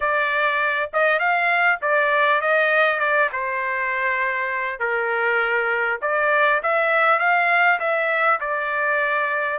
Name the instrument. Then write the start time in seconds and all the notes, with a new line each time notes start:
trumpet
0.00 D5
0.93 D#5
1.19 F5
1.81 D5
2.41 D#5
2.99 D5
3.32 C5
4.79 A#4
6.01 D5
6.62 E5
7.19 F5
7.79 E5
8.40 D5